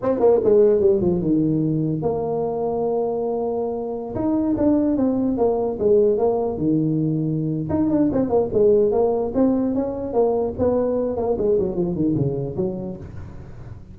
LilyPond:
\new Staff \with { instrumentName = "tuba" } { \time 4/4 \tempo 4 = 148 c'8 ais8 gis4 g8 f8 dis4~ | dis4 ais2.~ | ais2~ ais16 dis'4 d'8.~ | d'16 c'4 ais4 gis4 ais8.~ |
ais16 dis2~ dis8. dis'8 d'8 | c'8 ais8 gis4 ais4 c'4 | cis'4 ais4 b4. ais8 | gis8 fis8 f8 dis8 cis4 fis4 | }